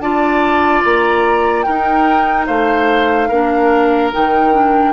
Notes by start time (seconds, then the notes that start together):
0.00 D4 F4 D5 A5
0.85 A#3 A#5
1.63 D#4 A#4 G5
2.47 A3 C5 F5
3.28 A#3 D4 A#4
4.12 D#3 D#4 G5
4.53 D4